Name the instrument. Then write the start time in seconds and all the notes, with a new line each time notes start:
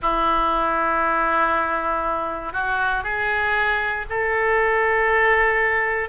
oboe
0.01 E4
2.52 F#4
3.03 G#4
4.09 A4